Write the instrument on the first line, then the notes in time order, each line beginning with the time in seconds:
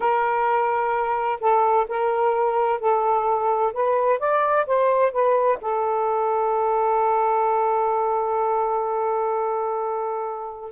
saxophone
0.00 A#4
1.40 A4
1.88 A#4
2.79 A4
3.73 B4
4.19 D5
4.66 C5
5.11 B4
5.61 A4